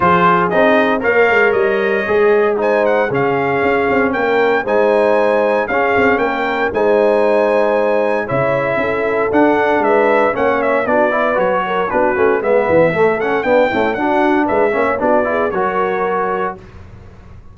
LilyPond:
<<
  \new Staff \with { instrumentName = "trumpet" } { \time 4/4 \tempo 4 = 116 c''4 dis''4 f''4 dis''4~ | dis''4 gis''8 fis''8 f''2 | g''4 gis''2 f''4 | g''4 gis''2. |
e''2 fis''4 e''4 | fis''8 e''8 d''4 cis''4 b'4 | e''4. fis''8 g''4 fis''4 | e''4 d''4 cis''2 | }
  \new Staff \with { instrumentName = "horn" } { \time 4/4 gis'2 cis''2~ | cis''4 c''4 gis'2 | ais'4 c''2 gis'4 | ais'4 c''2. |
cis''4 a'2 b'4 | cis''4 fis'8 b'4 ais'8 fis'4 | b'4 a'4 d'8 e'8 fis'4 | b'8 cis''8 fis'8 gis'8 ais'2 | }
  \new Staff \with { instrumentName = "trombone" } { \time 4/4 f'4 dis'4 ais'2 | gis'4 dis'4 cis'2~ | cis'4 dis'2 cis'4~ | cis'4 dis'2. |
e'2 d'2 | cis'4 d'8 e'8 fis'4 d'8 cis'8 | b4 a8 cis'8 b8 a8 d'4~ | d'8 cis'8 d'8 e'8 fis'2 | }
  \new Staff \with { instrumentName = "tuba" } { \time 4/4 f4 c'4 ais8 gis8 g4 | gis2 cis4 cis'8 c'8 | ais4 gis2 cis'8 c'8 | ais4 gis2. |
cis4 cis'4 d'4 gis4 | ais4 b4 fis4 b8 a8 | gis8 e8 a4 b8 cis'8 d'4 | gis8 ais8 b4 fis2 | }
>>